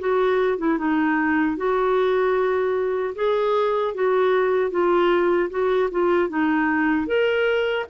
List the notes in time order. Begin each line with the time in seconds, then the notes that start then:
0.00 F#4
0.58 E4
0.78 D#4
1.57 F#4
3.16 G#4
3.95 F#4
4.71 F4
5.50 F#4
5.91 F4
6.29 D#4
7.07 A#4